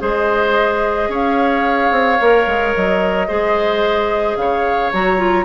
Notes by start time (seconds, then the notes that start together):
0.00 G#3 G#4 C5 D#5
1.09 C#4 C#5 F5
1.91 C4
2.21 A#3 A#4
2.47 G#3
2.75 F#3 D#5
3.28 G#3 G#4 C5
4.36 C#3 C#5 F5
4.93 F#3 F#4 A#5
5.17 F4